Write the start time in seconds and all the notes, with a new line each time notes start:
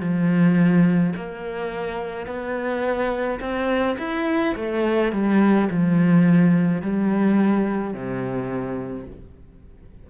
0.00 F3
1.16 A#3
2.27 B3
3.40 C4
3.99 E4
4.55 A3
5.13 G3
5.71 F3
6.82 G3
7.94 C3